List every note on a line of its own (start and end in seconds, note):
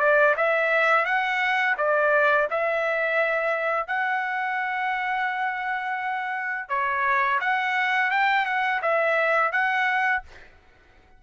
0.00 0.35 D5
0.37 1.06 E5
1.06 1.76 F#5
1.78 2.48 D5
2.51 3.87 E5
3.87 6.69 F#5
6.69 7.40 C#5
7.41 8.11 F#5
8.11 8.46 G5
8.46 8.81 F#5
8.82 9.52 E5
9.52 10.23 F#5